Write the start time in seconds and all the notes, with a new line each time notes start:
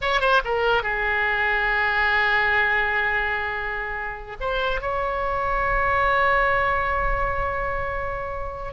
0.01 C#5
0.20 C5
0.44 A#4
0.82 G#4
4.40 C5
4.81 C#5